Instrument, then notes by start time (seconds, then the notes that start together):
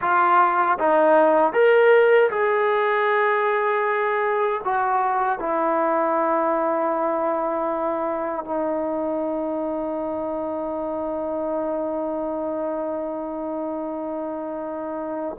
trombone
0.01 F4
0.79 D#4
1.52 A#4
2.30 G#4
4.64 F#4
5.38 E4
8.44 D#4